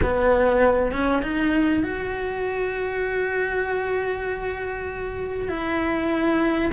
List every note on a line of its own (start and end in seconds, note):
0.02 0.92 B3
0.92 1.22 C#4
1.22 1.83 D#4
1.83 5.48 F#4
5.48 6.71 E4